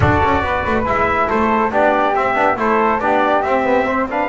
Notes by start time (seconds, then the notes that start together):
0.00 D4 F#4 A4 D5
0.23 C#4
0.41 B3 B4
0.66 A3
0.84 G#3 E4 E5
1.27 A3 A4 C5
1.71 B3 D4 G4 D5
2.14 C4 E5
2.34 B3 D4
2.56 A3 E4 A4 C5
2.99 B3 D4 G4 D5
3.42 C4 E5
3.63 B3
3.86 C4 C5
4.10 D4 B4 F5